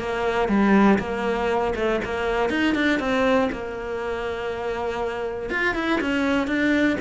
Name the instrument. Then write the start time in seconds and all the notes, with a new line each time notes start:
cello
0.00 A#3
0.49 G3
1.00 A#3
1.76 A3
2.05 A#3
2.50 D#4
2.75 D4
3.00 C4
3.52 A#3
5.50 F4
5.75 E4
6.01 C#4
6.48 D4